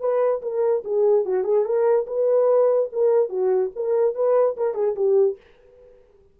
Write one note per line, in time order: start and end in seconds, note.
0.00 0.41 B4
0.42 0.83 A#4
0.84 1.25 G#4
1.25 1.44 F#4
1.44 1.65 G#4
1.65 2.06 A#4
2.07 2.89 B4
2.92 3.29 A#4
3.29 3.71 F#4
3.76 4.15 A#4
4.15 4.56 B4
4.57 4.75 A#4
4.75 4.95 G#4
4.96 5.37 G4